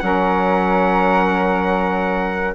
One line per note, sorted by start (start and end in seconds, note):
0.00 2.55 F#3
0.00 2.54 C#4
0.00 2.55 A#4
0.00 2.54 F#5